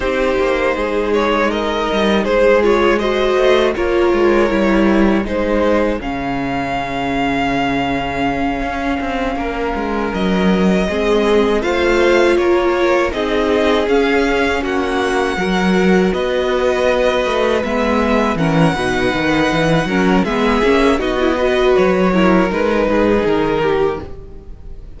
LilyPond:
<<
  \new Staff \with { instrumentName = "violin" } { \time 4/4 \tempo 4 = 80 c''4. cis''8 dis''4 c''8 cis''8 | dis''4 cis''2 c''4 | f''1~ | f''4. dis''2 f''8~ |
f''8 cis''4 dis''4 f''4 fis''8~ | fis''4. dis''2 e''8~ | e''8 fis''2~ fis''8 e''4 | dis''4 cis''4 b'4 ais'4 | }
  \new Staff \with { instrumentName = "violin" } { \time 4/4 g'4 gis'4 ais'4 gis'4 | c''4 ais'2 gis'4~ | gis'1~ | gis'8 ais'2 gis'4 c''8~ |
c''8 ais'4 gis'2 fis'8~ | fis'8 ais'4 b'2~ b'8~ | b'8 ais'8 b'4. ais'8 gis'4 | fis'8 b'4 ais'4 gis'4 g'8 | }
  \new Staff \with { instrumentName = "viola" } { \time 4/4 dis'2.~ dis'8 f'8 | fis'4 f'4 e'4 dis'4 | cis'1~ | cis'2~ cis'8 c'4 f'8~ |
f'4. dis'4 cis'4.~ | cis'8 fis'2. b8~ | b8 cis'8 dis'4. cis'8 b8 cis'8 | dis'16 e'16 fis'4 e'8 dis'2 | }
  \new Staff \with { instrumentName = "cello" } { \time 4/4 c'8 ais8 gis4. g8 gis4~ | gis8 a8 ais8 gis8 g4 gis4 | cis2.~ cis8 cis'8 | c'8 ais8 gis8 fis4 gis4 a8~ |
a8 ais4 c'4 cis'4 ais8~ | ais8 fis4 b4. a8 gis8~ | gis8 e8 b,8 dis8 e8 fis8 gis8 ais8 | b4 fis4 gis8 gis,8 dis4 | }
>>